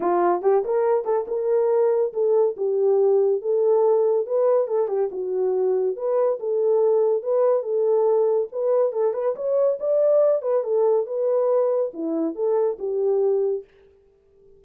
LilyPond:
\new Staff \with { instrumentName = "horn" } { \time 4/4 \tempo 4 = 141 f'4 g'8 ais'4 a'8 ais'4~ | ais'4 a'4 g'2 | a'2 b'4 a'8 g'8 | fis'2 b'4 a'4~ |
a'4 b'4 a'2 | b'4 a'8 b'8 cis''4 d''4~ | d''8 b'8 a'4 b'2 | e'4 a'4 g'2 | }